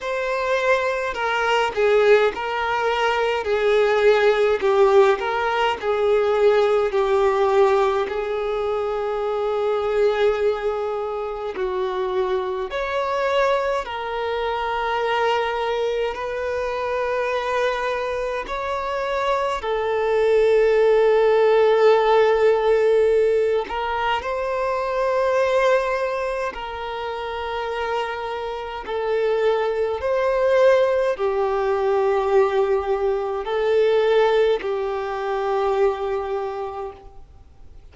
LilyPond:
\new Staff \with { instrumentName = "violin" } { \time 4/4 \tempo 4 = 52 c''4 ais'8 gis'8 ais'4 gis'4 | g'8 ais'8 gis'4 g'4 gis'4~ | gis'2 fis'4 cis''4 | ais'2 b'2 |
cis''4 a'2.~ | a'8 ais'8 c''2 ais'4~ | ais'4 a'4 c''4 g'4~ | g'4 a'4 g'2 | }